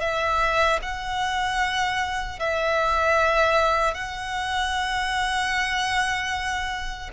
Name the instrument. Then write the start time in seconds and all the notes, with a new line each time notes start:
violin
0.00 E5
0.82 F#5
2.39 E5
3.94 F#5